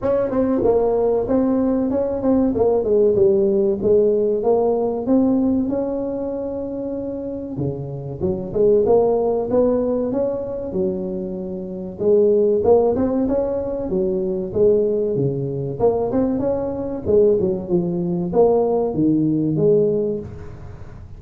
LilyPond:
\new Staff \with { instrumentName = "tuba" } { \time 4/4 \tempo 4 = 95 cis'8 c'8 ais4 c'4 cis'8 c'8 | ais8 gis8 g4 gis4 ais4 | c'4 cis'2. | cis4 fis8 gis8 ais4 b4 |
cis'4 fis2 gis4 | ais8 c'8 cis'4 fis4 gis4 | cis4 ais8 c'8 cis'4 gis8 fis8 | f4 ais4 dis4 gis4 | }